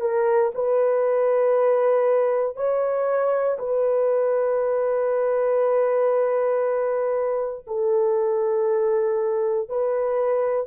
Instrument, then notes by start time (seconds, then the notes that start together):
horn
0.00 A#4
0.54 B4
2.56 C#5
3.58 B4
7.67 A4
9.68 B4